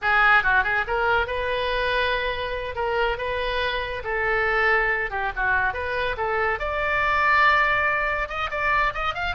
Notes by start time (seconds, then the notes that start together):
0.01 G#4
0.43 F#4
0.63 G#4
0.87 A#4
1.27 B4
2.75 A#4
3.17 B4
4.03 A4
5.10 G4
5.36 F#4
5.73 B4
6.17 A4
6.59 D5
8.28 D#5
8.50 D5
8.94 D#5
9.14 F5